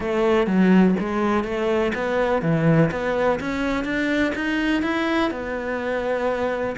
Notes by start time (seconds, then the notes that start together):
0.00 A3
0.47 F#3
0.99 G#3
1.44 A3
1.94 B3
2.42 E3
2.91 B3
3.40 C#4
3.84 D4
4.35 D#4
4.82 E4
5.30 B3